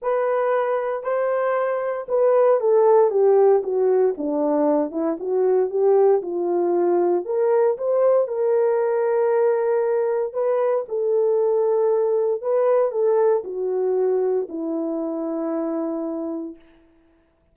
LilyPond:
\new Staff \with { instrumentName = "horn" } { \time 4/4 \tempo 4 = 116 b'2 c''2 | b'4 a'4 g'4 fis'4 | d'4. e'8 fis'4 g'4 | f'2 ais'4 c''4 |
ais'1 | b'4 a'2. | b'4 a'4 fis'2 | e'1 | }